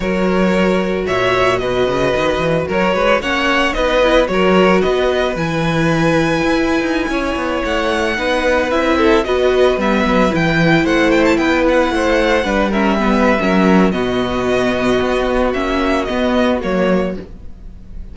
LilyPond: <<
  \new Staff \with { instrumentName = "violin" } { \time 4/4 \tempo 4 = 112 cis''2 e''4 dis''4~ | dis''4 cis''4 fis''4 dis''4 | cis''4 dis''4 gis''2~ | gis''2~ gis''16 fis''4.~ fis''16~ |
fis''16 e''4 dis''4 e''4 g''8.~ | g''16 fis''8 g''16 a''16 g''8 fis''2 e''16~ | e''2 dis''2~ | dis''4 e''4 dis''4 cis''4 | }
  \new Staff \with { instrumentName = "violin" } { \time 4/4 ais'2 cis''4 b'4~ | b'4 ais'8 b'8 cis''4 b'4 | ais'4 b'2.~ | b'4~ b'16 cis''2 b'8.~ |
b'8. a'8 b'2~ b'8.~ | b'16 c''4 b'4 c''4 b'8 ais'16~ | ais'16 b'8. ais'4 fis'2~ | fis'1 | }
  \new Staff \with { instrumentName = "viola" } { \time 4/4 fis'1~ | fis'2 cis'4 dis'8 e'8 | fis'2 e'2~ | e'2.~ e'16 dis'8.~ |
dis'16 e'4 fis'4 b4 e'8.~ | e'2.~ e'16 d'8 cis'16~ | cis'16 b8. cis'4 b2~ | b4 cis'4 b4 ais4 | }
  \new Staff \with { instrumentName = "cello" } { \time 4/4 fis2 ais,4 b,8 cis8 | dis8 e8 fis8 gis8 ais4 b4 | fis4 b4 e2 | e'8. dis'8 cis'8 b8 a4 b8.~ |
b16 c'4 b4 g8 fis8 e8.~ | e16 a4 b4 a4 g8.~ | g4 fis4 b,2 | b4 ais4 b4 fis4 | }
>>